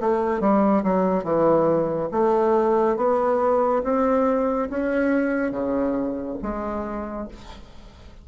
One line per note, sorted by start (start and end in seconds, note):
0.00 0.40 A3
0.40 0.83 G3
0.83 1.24 F#3
1.24 2.09 E3
2.11 2.96 A3
2.96 3.82 B3
3.83 4.69 C4
4.69 5.51 C#4
5.51 6.37 C#3
6.42 7.28 G#3